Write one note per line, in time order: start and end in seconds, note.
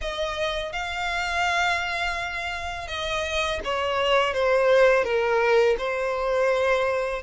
0.01 0.72 D#5
0.72 2.87 F5
2.87 3.59 D#5
3.64 4.33 C#5
4.33 5.03 C5
5.03 5.76 A#4
5.77 7.22 C5